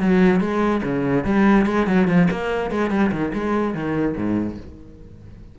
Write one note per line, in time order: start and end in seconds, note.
0.00 0.40 F#3
0.40 0.82 G#3
0.83 1.25 C#3
1.25 1.66 G3
1.66 1.87 G#3
1.87 2.07 F#3
2.07 2.28 F3
2.31 2.71 A#3
2.71 2.91 G#3
2.91 3.11 G3
3.12 3.32 D#3
3.34 3.74 G#3
3.74 4.16 D#3
4.16 4.58 G#2